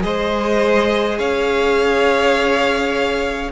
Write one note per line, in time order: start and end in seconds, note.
0.00 1.18 G#3
0.00 3.50 G#4
0.00 1.18 C5
0.00 1.18 D#5
1.18 3.51 C#4
1.18 3.51 C#5
1.18 3.51 F5